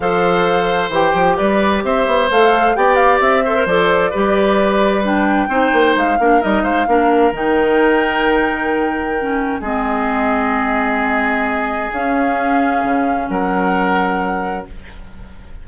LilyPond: <<
  \new Staff \with { instrumentName = "flute" } { \time 4/4 \tempo 4 = 131 f''2 g''4 d''4 | e''4 f''4 g''8 f''8 e''4 | d''2. g''4~ | g''4 f''4 dis''8 f''4. |
g''1~ | g''4 dis''2.~ | dis''2 f''2~ | f''4 fis''2. | }
  \new Staff \with { instrumentName = "oboe" } { \time 4/4 c''2. b'4 | c''2 d''4. c''8~ | c''4 b'2. | c''4. ais'4 c''8 ais'4~ |
ais'1~ | ais'4 gis'2.~ | gis'1~ | gis'4 ais'2. | }
  \new Staff \with { instrumentName = "clarinet" } { \time 4/4 a'2 g'2~ | g'4 a'4 g'4. a'16 ais'16 | a'4 g'2 d'4 | dis'4. d'8 dis'4 d'4 |
dis'1 | cis'4 c'2.~ | c'2 cis'2~ | cis'1 | }
  \new Staff \with { instrumentName = "bassoon" } { \time 4/4 f2 e8 f8 g4 | c'8 b8 a4 b4 c'4 | f4 g2. | c'8 ais8 gis8 ais8 g8 gis8 ais4 |
dis1~ | dis4 gis2.~ | gis2 cis'2 | cis4 fis2. | }
>>